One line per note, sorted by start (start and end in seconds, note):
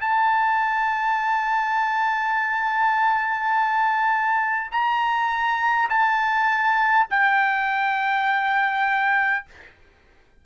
0.00 4.71 A5
4.71 5.89 A#5
5.89 7.06 A5
7.10 9.45 G5